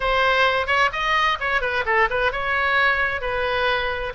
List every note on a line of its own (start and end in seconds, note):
0.00 0.66 C5
0.66 0.89 C#5
0.92 1.38 D#5
1.40 1.61 C#5
1.61 1.84 B4
1.85 2.08 A4
2.10 2.32 B4
2.32 3.21 C#5
3.21 4.13 B4